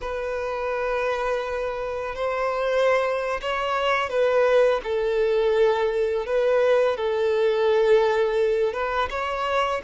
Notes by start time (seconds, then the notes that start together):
0.01 B4
2.15 C5
3.41 C#5
4.09 B4
4.83 A4
6.26 B4
6.96 A4
8.73 B4
9.10 C#5